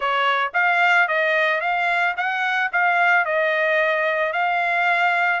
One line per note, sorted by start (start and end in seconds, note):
0.00 0.52 C#5
0.53 1.07 F5
1.07 1.60 D#5
1.60 2.14 F5
2.16 2.71 F#5
2.72 3.25 F5
3.25 4.32 D#5
4.32 5.40 F5